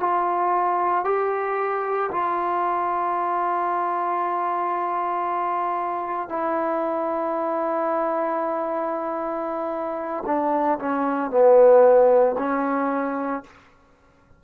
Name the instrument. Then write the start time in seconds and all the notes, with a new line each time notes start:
trombone
0.00 F4
1.05 G4
2.11 F4
6.29 E4
10.26 D4
10.79 C#4
11.31 B3
12.38 C#4